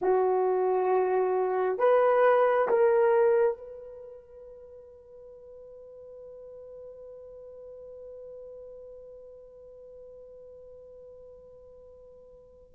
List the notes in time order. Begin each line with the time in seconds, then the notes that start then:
0.01 F#4
1.78 B4
2.68 A#4
3.57 B4